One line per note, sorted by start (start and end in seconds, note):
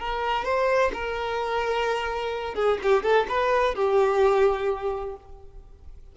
0.00 0.45 A#4
0.45 0.92 C5
0.94 2.55 A#4
2.55 2.78 G#4
2.83 3.03 G4
3.03 3.27 A4
3.29 3.75 B4
3.75 5.16 G4